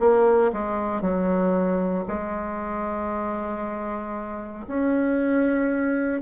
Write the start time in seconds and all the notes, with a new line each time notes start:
0.00 A#3
0.53 G#3
1.02 F#3
2.08 G#3
4.68 C#4